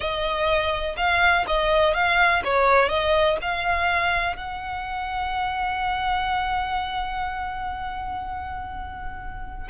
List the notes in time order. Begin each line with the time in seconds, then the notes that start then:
0.00 D#5
0.96 F5
1.47 D#5
1.94 F5
2.44 C#5
2.88 D#5
3.41 F5
4.36 F#5